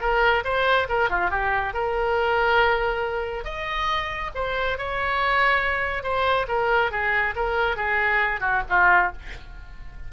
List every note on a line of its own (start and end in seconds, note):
0.00 0.43 A#4
0.44 0.87 C5
0.88 1.09 A#4
1.09 1.30 F4
1.30 1.73 G4
1.73 3.44 A#4
3.44 4.30 D#5
4.34 4.77 C5
4.78 6.03 C#5
6.03 6.46 C5
6.47 6.91 A#4
6.91 7.34 G#4
7.35 7.76 A#4
7.76 8.40 G#4
8.40 8.62 F#4
8.69 9.12 F4